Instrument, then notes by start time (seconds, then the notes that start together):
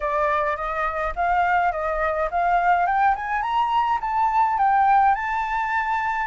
flute
0.00 D5
0.56 D#5
1.15 F5
1.72 D#5
2.30 F5
2.86 G5
3.15 G#5
3.41 A#5
4.01 A5
4.57 G5
5.15 A5